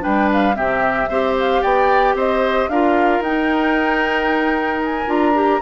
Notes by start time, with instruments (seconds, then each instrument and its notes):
0.00 bassoon G3, clarinet D4, oboe B4, flute G5
0.32 flute F5
0.55 bassoon C3, clarinet C4, oboe G4, flute E5
1.08 bassoon C4, clarinet G4, oboe C5
1.39 flute F5
1.61 bassoon B3, oboe D5, flute G5
2.14 bassoon C4, oboe C5, flute D#5
2.68 bassoon D4, clarinet F4, oboe A#4, flute F5
3.19 bassoon D#4, clarinet D#4, flute G5
4.84 flute G#5
5.06 bassoon D4, clarinet F4, flute A#5
5.34 clarinet G4